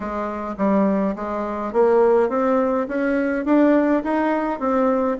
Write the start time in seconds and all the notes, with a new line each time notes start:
0.00 G#3
0.57 G3
1.15 G#3
1.73 A#3
2.29 C4
2.88 C#4
3.45 D4
4.03 D#4
4.59 C4